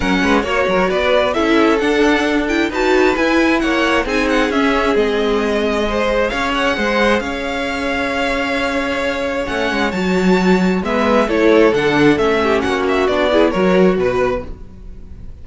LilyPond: <<
  \new Staff \with { instrumentName = "violin" } { \time 4/4 \tempo 4 = 133 fis''4 cis''4 d''4 e''4 | fis''4. g''8 a''4 gis''4 | fis''4 gis''8 fis''8 e''4 dis''4~ | dis''2 f''8 fis''4. |
f''1~ | f''4 fis''4 a''2 | e''4 cis''4 fis''4 e''4 | fis''8 e''8 d''4 cis''4 b'4 | }
  \new Staff \with { instrumentName = "violin" } { \time 4/4 ais'8 b'8 cis''8 ais'8 b'4 a'4~ | a'2 b'2 | cis''4 gis'2.~ | gis'4 c''4 cis''4 c''4 |
cis''1~ | cis''1 | b'4 a'2~ a'8 g'8 | fis'4. gis'8 ais'4 b'4 | }
  \new Staff \with { instrumentName = "viola" } { \time 4/4 cis'4 fis'2 e'4 | d'4. e'8 fis'4 e'4~ | e'4 dis'4 cis'4 c'4~ | c'4 gis'2.~ |
gis'1~ | gis'4 cis'4 fis'2 | b4 e'4 d'4 cis'4~ | cis'4 d'8 e'8 fis'2 | }
  \new Staff \with { instrumentName = "cello" } { \time 4/4 fis8 gis8 ais8 fis8 b4 cis'4 | d'2 dis'4 e'4 | ais4 c'4 cis'4 gis4~ | gis2 cis'4 gis4 |
cis'1~ | cis'4 a8 gis8 fis2 | gis4 a4 d4 a4 | ais4 b4 fis4 b,4 | }
>>